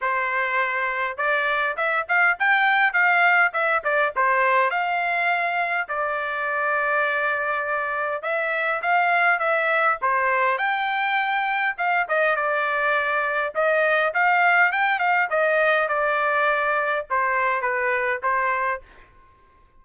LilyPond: \new Staff \with { instrumentName = "trumpet" } { \time 4/4 \tempo 4 = 102 c''2 d''4 e''8 f''8 | g''4 f''4 e''8 d''8 c''4 | f''2 d''2~ | d''2 e''4 f''4 |
e''4 c''4 g''2 | f''8 dis''8 d''2 dis''4 | f''4 g''8 f''8 dis''4 d''4~ | d''4 c''4 b'4 c''4 | }